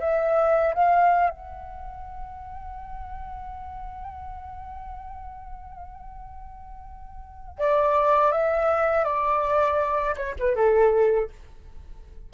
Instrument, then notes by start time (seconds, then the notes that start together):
flute
0.00 E5
0.74 F5
1.30 F#5
7.59 D5
8.32 E5
9.04 D5
10.17 C#5
10.39 B4
10.56 A4